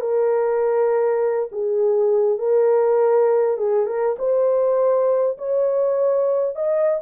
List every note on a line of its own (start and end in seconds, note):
0.00 1.49 A#4
1.51 2.38 G#4
2.38 3.57 A#4
3.57 3.86 G#4
3.86 4.16 A#4
4.18 5.37 C5
5.37 6.55 C#5
6.55 7.00 D#5